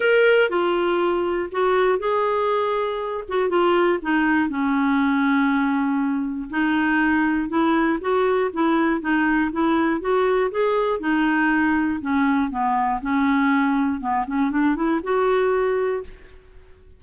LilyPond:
\new Staff \with { instrumentName = "clarinet" } { \time 4/4 \tempo 4 = 120 ais'4 f'2 fis'4 | gis'2~ gis'8 fis'8 f'4 | dis'4 cis'2.~ | cis'4 dis'2 e'4 |
fis'4 e'4 dis'4 e'4 | fis'4 gis'4 dis'2 | cis'4 b4 cis'2 | b8 cis'8 d'8 e'8 fis'2 | }